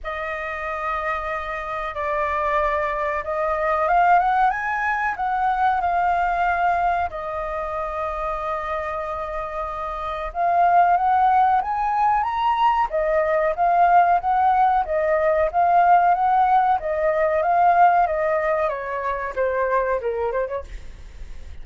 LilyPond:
\new Staff \with { instrumentName = "flute" } { \time 4/4 \tempo 4 = 93 dis''2. d''4~ | d''4 dis''4 f''8 fis''8 gis''4 | fis''4 f''2 dis''4~ | dis''1 |
f''4 fis''4 gis''4 ais''4 | dis''4 f''4 fis''4 dis''4 | f''4 fis''4 dis''4 f''4 | dis''4 cis''4 c''4 ais'8 c''16 cis''16 | }